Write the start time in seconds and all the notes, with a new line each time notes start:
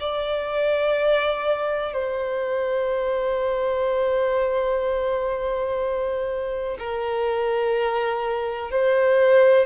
0.00 D5
1.93 C5
6.79 A#4
8.71 C5